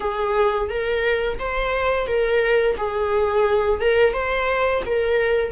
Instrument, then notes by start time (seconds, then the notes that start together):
viola
0.00 G#4
0.69 A#4
1.38 C5
2.07 A#4
2.77 G#4
3.81 A#4
4.13 C5
4.85 A#4